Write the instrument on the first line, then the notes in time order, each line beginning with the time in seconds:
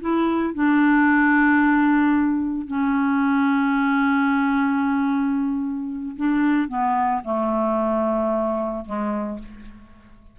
clarinet
0.00 E4
0.54 D4
2.67 C#4
6.16 D4
6.68 B3
7.24 A3
8.85 G#3